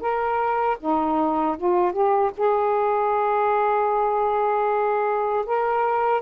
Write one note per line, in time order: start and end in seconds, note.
0.00 0.77 A#4
0.80 1.57 D#4
1.58 1.92 F4
1.92 2.31 G4
2.37 5.45 G#4
5.46 6.21 A#4